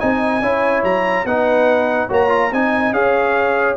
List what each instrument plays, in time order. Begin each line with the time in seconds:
0.00 tuba C4, trombone D#4, horn D#5, trumpet G#5
0.43 tuba C#4, trombone E4, horn C#5
0.84 tuba F#3, trumpet A#5
1.25 tuba B3, trombone D#4, horn B4, trumpet F#5
2.08 tuba A#3, trombone F#4, horn C#5, trumpet A#5
2.29 trombone F4
2.52 tuba C4, trombone D#4, horn D#5, trumpet G#5
2.92 tuba C#4, trombone G#4, horn C#5, trumpet F5